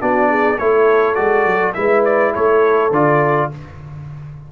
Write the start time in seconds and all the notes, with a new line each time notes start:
0.00 B3 D4 F#4 D5
0.29 G#4
0.57 A3 E4 A4 C#5
1.15 G#3 F#4 D5
1.46 F#3
1.74 G#3 E4 B4 E5
2.05 D5
2.33 A3 A4 C#5
2.91 D3 F4 D5